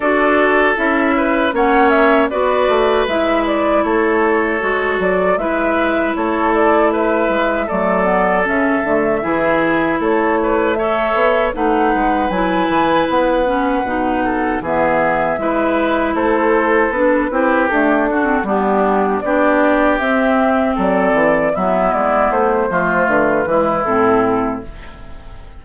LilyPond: <<
  \new Staff \with { instrumentName = "flute" } { \time 4/4 \tempo 4 = 78 d''4 e''4 fis''8 e''8 d''4 | e''8 d''8 cis''4. d''8 e''4 | cis''8 d''8 e''4 d''4 e''4~ | e''4 cis''4 e''4 fis''4 |
gis''4 fis''2 e''4~ | e''4 c''4 b'4 a'4 | g'4 d''4 e''4 d''4 | e''8 d''8 c''4 b'4 a'4 | }
  \new Staff \with { instrumentName = "oboe" } { \time 4/4 a'4. b'8 cis''4 b'4~ | b'4 a'2 b'4 | a'4 b'4 a'2 | gis'4 a'8 b'8 cis''4 b'4~ |
b'2~ b'8 a'8 gis'4 | b'4 a'4. g'4 fis'8 | d'4 g'2 a'4 | e'4. f'4 e'4. | }
  \new Staff \with { instrumentName = "clarinet" } { \time 4/4 fis'4 e'4 cis'4 fis'4 | e'2 fis'4 e'4~ | e'2 a8 b8 cis'8 a8 | e'2 a'4 dis'4 |
e'4. cis'8 dis'4 b4 | e'2 d'8 e'8 a8 d'16 c'16 | b4 d'4 c'2 | b4. a4 gis8 c'4 | }
  \new Staff \with { instrumentName = "bassoon" } { \time 4/4 d'4 cis'4 ais4 b8 a8 | gis4 a4 gis8 fis8 gis4 | a4. gis8 fis4 cis8 d8 | e4 a4. b8 a8 gis8 |
fis8 e8 b4 b,4 e4 | gis4 a4 b8 c'8 d'4 | g4 b4 c'4 fis8 e8 | fis8 gis8 a8 f8 d8 e8 a,4 | }
>>